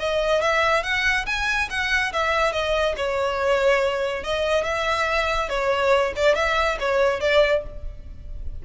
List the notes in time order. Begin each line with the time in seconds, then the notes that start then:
0.00 D#5
0.42 E5
0.84 F#5
1.26 G#5
1.71 F#5
2.13 E5
2.53 D#5
2.97 C#5
4.24 D#5
4.65 E5
5.50 C#5
6.16 D5
6.36 E5
6.80 C#5
7.21 D5